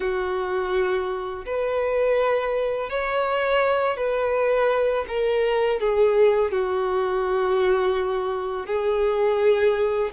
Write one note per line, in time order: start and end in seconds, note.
0.00 1.45 F#4
1.45 2.89 B4
2.89 3.97 C#5
3.97 5.05 B4
5.08 5.80 A#4
5.80 6.51 G#4
6.51 8.66 F#4
8.66 10.10 G#4